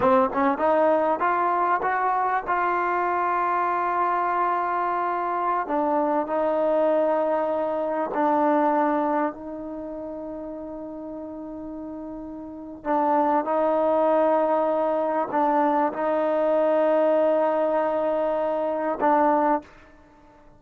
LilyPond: \new Staff \with { instrumentName = "trombone" } { \time 4/4 \tempo 4 = 98 c'8 cis'8 dis'4 f'4 fis'4 | f'1~ | f'4~ f'16 d'4 dis'4.~ dis'16~ | dis'4~ dis'16 d'2 dis'8.~ |
dis'1~ | dis'4 d'4 dis'2~ | dis'4 d'4 dis'2~ | dis'2. d'4 | }